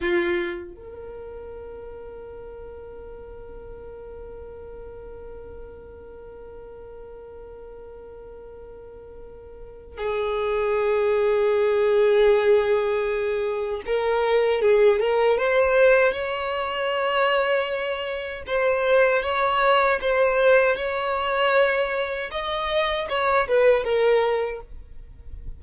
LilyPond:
\new Staff \with { instrumentName = "violin" } { \time 4/4 \tempo 4 = 78 f'4 ais'2.~ | ais'1~ | ais'1~ | ais'4 gis'2.~ |
gis'2 ais'4 gis'8 ais'8 | c''4 cis''2. | c''4 cis''4 c''4 cis''4~ | cis''4 dis''4 cis''8 b'8 ais'4 | }